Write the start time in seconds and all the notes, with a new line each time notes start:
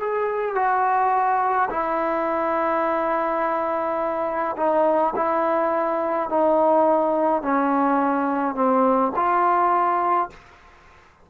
0.00 G#4
0.55 F#4
1.71 E4
4.57 D#4
5.16 E4
6.30 D#4
7.43 C#4
8.55 C4
9.16 F4